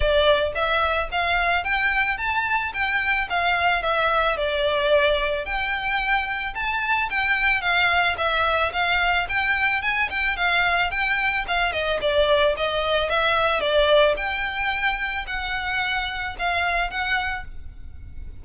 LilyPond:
\new Staff \with { instrumentName = "violin" } { \time 4/4 \tempo 4 = 110 d''4 e''4 f''4 g''4 | a''4 g''4 f''4 e''4 | d''2 g''2 | a''4 g''4 f''4 e''4 |
f''4 g''4 gis''8 g''8 f''4 | g''4 f''8 dis''8 d''4 dis''4 | e''4 d''4 g''2 | fis''2 f''4 fis''4 | }